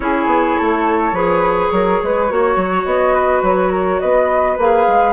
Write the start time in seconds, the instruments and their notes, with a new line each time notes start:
0.00 bassoon C#4, clarinet E4, flute G#4 C#5
0.26 bassoon B3
0.58 bassoon A3, flute A4
1.12 bassoon F3, clarinet G#4, flute B4
1.71 bassoon F#3, flute A#4
2.02 bassoon G#3, flute B4
2.29 bassoon A#3, clarinet F#4, flute C#5
2.56 bassoon F#3
2.85 bassoon B3, flute D#5
3.14 flute B4
3.42 bassoon F#3, flute C#5
3.71 flute A#4
3.99 bassoon B3, flute B4 D#5
4.57 bassoon A#3, clarinet G#4, flute F5
4.87 bassoon G#3